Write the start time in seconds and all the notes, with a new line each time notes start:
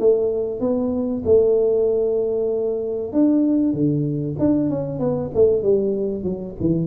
0.00 A3
0.61 B3
1.26 A3
3.13 D4
3.74 D3
4.39 D4
4.70 C#4
5.00 B3
5.35 A3
5.63 G3
6.24 F#3
6.61 E3